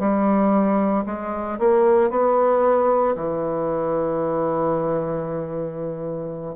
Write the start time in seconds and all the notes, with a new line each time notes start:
0.00 G3
1.06 G#3
1.59 A#3
2.11 B3
3.16 E3